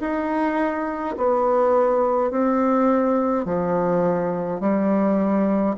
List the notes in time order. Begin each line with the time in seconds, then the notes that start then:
0.00 D#4
1.17 B3
2.31 C4
3.45 F3
4.60 G3